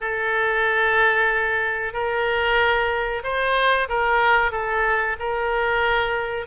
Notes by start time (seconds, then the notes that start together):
0.01 A4
1.93 A#4
3.23 C5
3.89 A#4
4.51 A4
5.19 A#4